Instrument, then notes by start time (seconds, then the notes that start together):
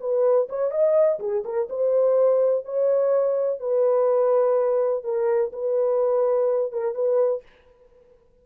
horn
0.00 B4
0.49 C#5
0.71 D#5
1.19 G#4
1.44 A#4
1.69 C5
2.65 C#5
3.60 B4
5.04 A#4
5.53 B4
6.72 A#4
6.94 B4